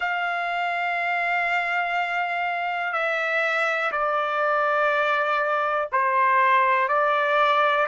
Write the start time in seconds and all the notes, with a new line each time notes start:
0.00 F5
2.92 E5
3.91 D5
5.92 C5
6.88 D5